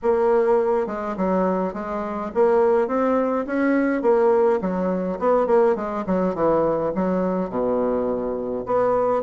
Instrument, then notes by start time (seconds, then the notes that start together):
bassoon
0.02 A#3
0.86 G#3
1.16 F#3
1.73 G#3
2.34 A#3
2.87 C4
3.46 C#4
4.01 A#3
4.61 F#3
5.19 B3
5.47 A#3
5.75 G#3
6.06 F#3
6.34 E3
6.95 F#3
7.49 B2
8.65 B3